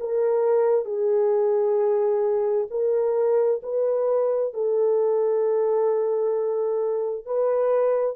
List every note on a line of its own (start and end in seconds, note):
0.00 0.85 A#4
0.85 2.67 G#4
2.70 3.61 A#4
3.62 4.53 B4
4.54 7.26 A4
7.26 8.16 B4